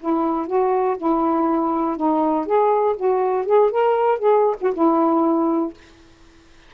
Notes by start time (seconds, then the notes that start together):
0.00 E4
0.47 F#4
0.97 E4
1.97 D#4
2.46 G#4
2.97 F#4
3.46 G#4
3.71 A#4
4.19 G#4
4.61 F#4
4.74 E4